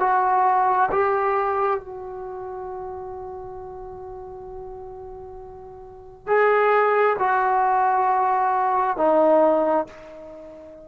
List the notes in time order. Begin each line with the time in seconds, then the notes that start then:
0.00 F#4
0.92 G4
1.80 F#4
6.27 G#4
7.19 F#4
8.97 D#4